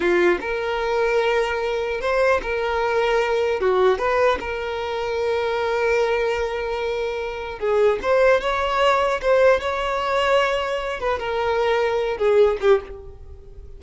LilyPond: \new Staff \with { instrumentName = "violin" } { \time 4/4 \tempo 4 = 150 f'4 ais'2.~ | ais'4 c''4 ais'2~ | ais'4 fis'4 b'4 ais'4~ | ais'1~ |
ais'2. gis'4 | c''4 cis''2 c''4 | cis''2.~ cis''8 b'8 | ais'2~ ais'8 gis'4 g'8 | }